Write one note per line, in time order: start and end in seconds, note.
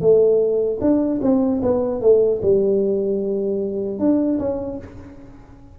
0.00 0.79 A3
0.80 1.20 D4
1.22 1.61 C4
1.62 2.01 B3
2.01 2.40 A3
2.42 3.98 G3
3.98 4.38 D4
4.39 4.78 C#4